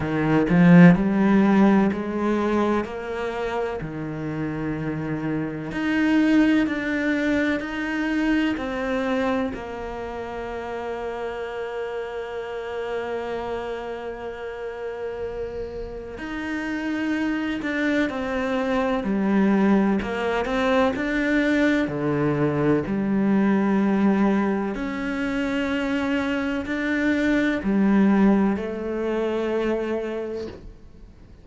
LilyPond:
\new Staff \with { instrumentName = "cello" } { \time 4/4 \tempo 4 = 63 dis8 f8 g4 gis4 ais4 | dis2 dis'4 d'4 | dis'4 c'4 ais2~ | ais1~ |
ais4 dis'4. d'8 c'4 | g4 ais8 c'8 d'4 d4 | g2 cis'2 | d'4 g4 a2 | }